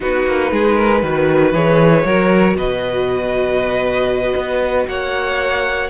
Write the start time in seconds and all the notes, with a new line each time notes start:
0.00 B3 D#4 F#4 B4
0.25 A#3
0.51 G#3 G#4
0.76 A#4
1.02 D#3 F#4 B4
1.52 E3 G#4 C#5
2.04 F#3 F#4 A#4
2.54 B2 B4 D#5
4.35 B3
4.87 A#3 C#5 F#5